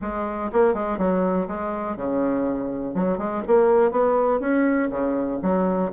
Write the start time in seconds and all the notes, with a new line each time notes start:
0.01 G#3
0.52 A#3
0.74 G#3
0.97 F#3
1.47 G#3
1.96 C#3
2.94 F#3
3.17 G#3
3.47 A#3
3.91 B3
4.39 C#4
4.90 C#3
5.42 F#3